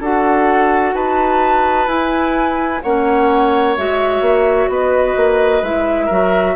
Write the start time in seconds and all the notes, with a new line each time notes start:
0.00 D4 F#4 A4 F#5
0.93 D#4 B4 A5
1.87 E4 G#5
2.82 A#3 C#4 C#5 F#5
3.76 G#3 F#4 E5
4.21 A#3
4.68 B3 B4 D#5
5.16 A#3
5.62 G#3 E4 E5
6.05 F#3 F#4 A#4